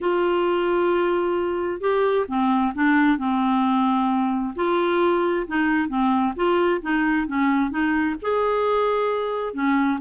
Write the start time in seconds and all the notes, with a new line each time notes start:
0.01 F4
1.80 G4
2.27 C4
2.75 D4
3.18 C4
4.55 F4
5.47 D#4
5.88 C4
6.35 F4
6.81 D#4
7.27 C#4
7.70 D#4
8.21 G#4
9.53 C#4